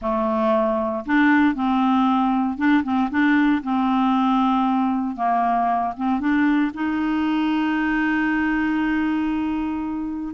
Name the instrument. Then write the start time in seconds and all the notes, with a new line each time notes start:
clarinet
0.01 A3
1.05 D4
1.54 C4
2.57 D4
2.83 C4
3.10 D4
3.63 C4
5.16 A#3
5.96 C4
6.20 D4
6.74 D#4